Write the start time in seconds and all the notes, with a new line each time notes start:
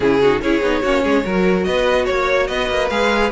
0.00 C#3 C#4 E4 G#4
0.21 D#4 F#4
0.41 C#4 E4 G#4 C#5
0.61 B3 D#4
0.82 A#3 C#4 F#4
1.03 G#3 G#4
1.23 F#3 F#4 A#4
1.64 B3 B4 D#5
2.05 A#3 C#5
2.47 B3 B4 D#5
2.69 A#3
2.89 G#3 G#4 F5